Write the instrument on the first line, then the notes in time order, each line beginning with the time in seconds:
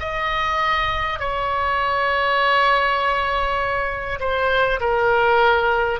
oboe
0.00 D#5
1.19 C#5
4.20 C5
4.81 A#4